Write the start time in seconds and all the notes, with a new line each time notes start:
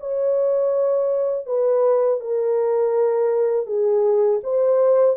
0.00 C#5
1.46 B4
2.21 A#4
3.67 G#4
4.44 C5